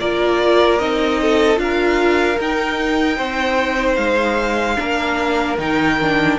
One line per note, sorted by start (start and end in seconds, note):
0.00 0.80 A#3
0.00 0.80 F4
0.00 1.21 A#4
0.00 0.79 D5
0.79 1.57 C4
0.79 1.56 D#4
0.79 1.59 D#5
1.22 1.62 A4
1.56 2.37 D4
1.56 2.35 F4
1.56 2.39 F5
1.62 3.17 A#4
2.39 3.19 D#4
2.39 4.78 D#4
2.39 3.96 G5
3.17 3.97 C4
3.17 4.77 C5
3.96 4.77 G#3
3.96 5.56 F5
4.78 5.58 A#3
4.78 5.58 D4
4.78 6.39 A#4
5.58 6.38 D#3
5.58 5.99 D#4
5.58 6.39 G5
6.01 6.39 D4